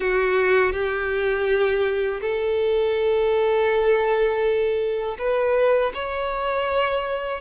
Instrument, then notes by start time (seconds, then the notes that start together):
violin
0.00 F#4
0.72 G4
2.21 A4
5.18 B4
5.94 C#5